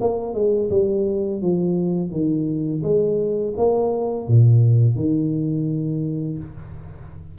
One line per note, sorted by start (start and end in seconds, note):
0.00 0.34 A#3
0.34 0.69 G#3
0.70 1.41 G3
1.41 2.10 F3
2.10 2.82 D#3
2.82 3.54 G#3
3.56 4.27 A#3
4.27 4.95 A#2
4.95 6.38 D#3